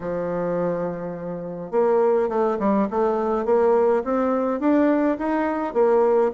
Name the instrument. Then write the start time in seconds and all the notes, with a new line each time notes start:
bassoon
0.00 F3
1.71 A#3
2.28 A3
2.59 G3
2.90 A3
3.45 A#3
4.04 C4
4.60 D4
5.18 D#4
5.73 A#3